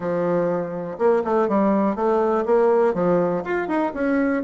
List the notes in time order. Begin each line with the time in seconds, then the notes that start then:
0.00 F3
0.98 A#3
1.24 A3
1.48 G3
1.95 A3
2.45 A#3
2.94 F3
3.44 F4
3.68 D#4
3.93 C#4